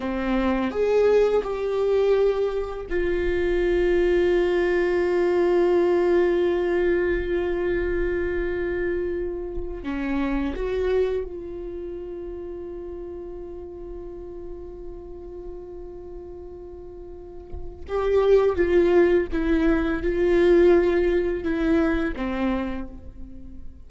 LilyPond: \new Staff \with { instrumentName = "viola" } { \time 4/4 \tempo 4 = 84 c'4 gis'4 g'2 | f'1~ | f'1~ | f'4.~ f'16 cis'4 fis'4 f'16~ |
f'1~ | f'1~ | f'4 g'4 f'4 e'4 | f'2 e'4 c'4 | }